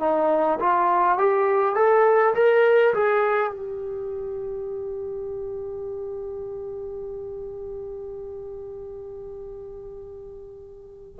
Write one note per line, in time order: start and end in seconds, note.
0.00 0.59 D#4
0.60 1.18 F4
1.18 1.75 G4
1.75 2.34 A4
2.35 2.94 A#4
2.94 3.51 G#4
3.51 11.16 G4